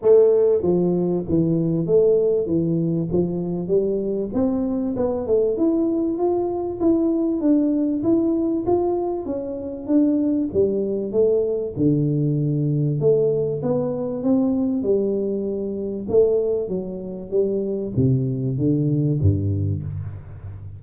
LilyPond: \new Staff \with { instrumentName = "tuba" } { \time 4/4 \tempo 4 = 97 a4 f4 e4 a4 | e4 f4 g4 c'4 | b8 a8 e'4 f'4 e'4 | d'4 e'4 f'4 cis'4 |
d'4 g4 a4 d4~ | d4 a4 b4 c'4 | g2 a4 fis4 | g4 c4 d4 g,4 | }